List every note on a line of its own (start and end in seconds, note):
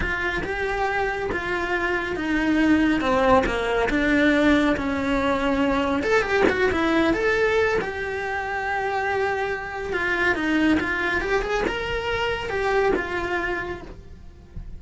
0.00 0.42 F4
0.43 1.29 G4
1.32 2.16 F4
2.16 3.00 D#4
3.00 3.44 C4
3.45 3.88 A#3
3.89 4.75 D4
4.76 6.03 C#4
6.03 6.22 A4
6.22 6.43 G4
6.49 6.70 F#4
6.71 7.13 E4
7.13 7.78 A4
7.81 9.92 G4
9.92 10.35 F4
10.35 10.78 D#4
10.80 11.21 F4
11.21 11.42 G4
11.42 11.63 G#4
11.67 12.49 A#4
12.49 12.92 G4
12.95 13.82 F4